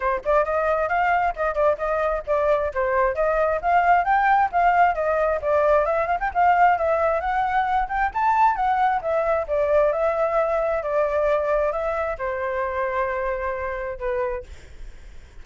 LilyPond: \new Staff \with { instrumentName = "flute" } { \time 4/4 \tempo 4 = 133 c''8 d''8 dis''4 f''4 dis''8 d''8 | dis''4 d''4 c''4 dis''4 | f''4 g''4 f''4 dis''4 | d''4 e''8 f''16 g''16 f''4 e''4 |
fis''4. g''8 a''4 fis''4 | e''4 d''4 e''2 | d''2 e''4 c''4~ | c''2. b'4 | }